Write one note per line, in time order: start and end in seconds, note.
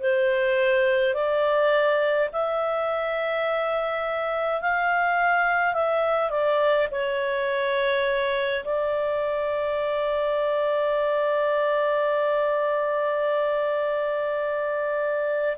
0.00 1.14 C5
1.14 2.29 D5
2.32 4.61 E5
4.61 5.73 F5
5.73 6.30 E5
6.30 6.88 D5
6.91 8.64 C#5
8.64 15.56 D5